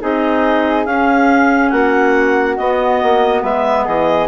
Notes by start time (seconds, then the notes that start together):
0.00 C4 D#4 G#4 D#5
0.85 C#4 F5
1.70 A#3 F#4 F#5
2.57 B3 D#5
3.03 A#3
3.43 G#3 B4 E5
3.86 E3 G#4 D#5